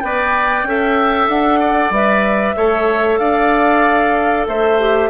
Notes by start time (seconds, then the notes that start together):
0.00 B3 B4 D5 G5
0.63 C#4 A4 E5
1.28 D4 F#5
1.59 D5
1.90 G3 B4 E5
2.56 A3 A4 C#5
3.18 D4 D5 F5
4.47 A3 C5 E5
4.79 G4